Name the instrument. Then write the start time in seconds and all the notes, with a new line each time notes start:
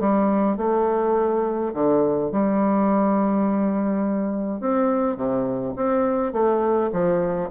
bassoon
0.00 G3
0.57 A3
1.74 D3
2.32 G3
4.60 C4
5.16 C3
5.76 C4
6.33 A3
6.92 F3